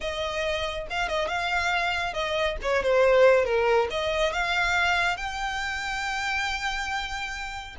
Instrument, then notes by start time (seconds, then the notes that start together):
violin
0.00 D#5
0.90 F5
1.08 D#5
1.28 F5
2.13 D#5
2.62 C#5
2.82 C5
3.45 A#4
3.90 D#5
4.32 F5
5.16 G5